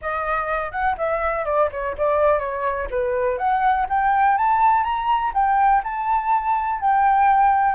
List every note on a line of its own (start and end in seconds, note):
0.01 0.71 D#5
0.71 0.95 F#5
0.97 1.45 E5
1.45 1.69 D5
1.71 1.96 C#5
1.97 2.39 D5
2.39 2.87 C#5
2.90 3.38 B4
3.38 3.86 F#5
3.89 4.37 G5
4.37 4.83 A5
4.83 5.32 A#5
5.34 5.82 G5
5.83 6.80 A5
6.80 7.75 G5